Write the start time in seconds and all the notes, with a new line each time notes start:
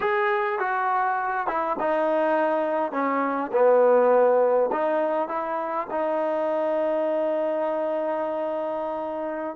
0.00 G#4
0.59 F#4
1.47 E4
1.79 D#4
2.92 C#4
3.52 B3
4.72 D#4
5.28 E4
5.90 D#4